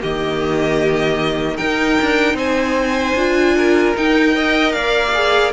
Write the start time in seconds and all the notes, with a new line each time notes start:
0.00 D#3 A#3 G4 D#5
1.57 D#4 A#4 G5
2.02 D4
2.34 C4 C5 G#5
3.15 D4 F4
3.57 A#4
3.96 D#4 G5
4.32 A#4 D#5
4.73 A#3 D5 F5
5.14 G#4